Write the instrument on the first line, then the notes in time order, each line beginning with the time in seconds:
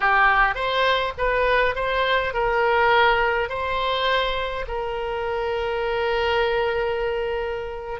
oboe
0.00 G4
0.54 C5
1.17 B4
1.75 C5
2.33 A#4
3.49 C5
4.67 A#4